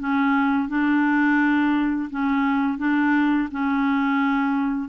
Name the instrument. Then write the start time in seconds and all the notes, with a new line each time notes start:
clarinet
0.00 C#4
0.69 D4
2.11 C#4
2.79 D4
3.52 C#4